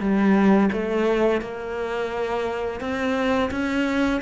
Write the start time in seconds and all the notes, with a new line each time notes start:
0.00 G3
0.72 A3
1.41 A#3
2.80 C4
3.51 C#4